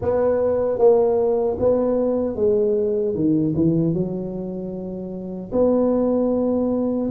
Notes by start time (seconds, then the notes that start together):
0.01 B3
0.78 A#3
1.59 B3
2.35 G#3
3.14 D#3
3.55 E3
3.93 F#3
5.52 B3